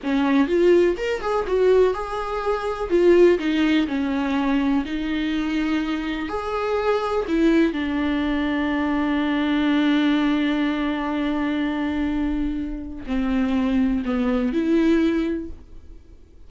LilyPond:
\new Staff \with { instrumentName = "viola" } { \time 4/4 \tempo 4 = 124 cis'4 f'4 ais'8 gis'8 fis'4 | gis'2 f'4 dis'4 | cis'2 dis'2~ | dis'4 gis'2 e'4 |
d'1~ | d'1~ | d'2. c'4~ | c'4 b4 e'2 | }